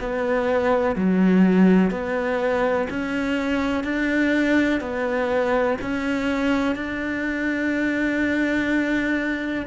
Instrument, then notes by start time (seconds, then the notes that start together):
cello
0.00 B3
0.96 F#3
1.91 B3
2.90 C#4
3.84 D4
4.81 B3
5.82 C#4
6.76 D4